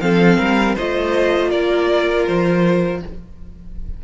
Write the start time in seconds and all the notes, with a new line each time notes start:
0.00 F3 C4 A4 F5
0.38 G3 A#4
0.75 A3 F4 C5 D#5
1.50 A#3 A#4 D5
2.27 F3 C5